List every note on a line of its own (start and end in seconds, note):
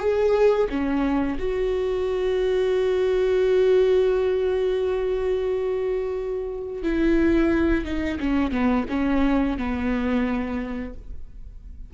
0.00 0.68 G#4
0.70 1.38 C#4
1.39 6.83 F#4
6.83 7.85 E4
7.85 8.19 D#4
8.20 8.51 C#4
8.51 8.85 B3
8.90 9.58 C#4
9.58 10.94 B3